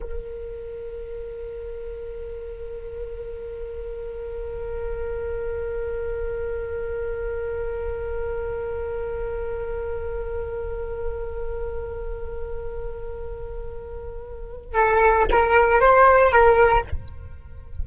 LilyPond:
\new Staff \with { instrumentName = "flute" } { \time 4/4 \tempo 4 = 114 ais'1~ | ais'1~ | ais'1~ | ais'1~ |
ais'1~ | ais'1~ | ais'1 | a'4 ais'4 c''4 ais'4 | }